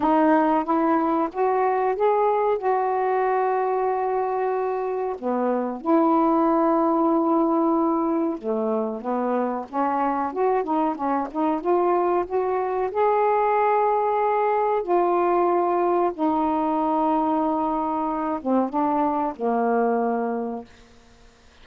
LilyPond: \new Staff \with { instrumentName = "saxophone" } { \time 4/4 \tempo 4 = 93 dis'4 e'4 fis'4 gis'4 | fis'1 | b4 e'2.~ | e'4 a4 b4 cis'4 |
fis'8 dis'8 cis'8 dis'8 f'4 fis'4 | gis'2. f'4~ | f'4 dis'2.~ | dis'8 c'8 d'4 ais2 | }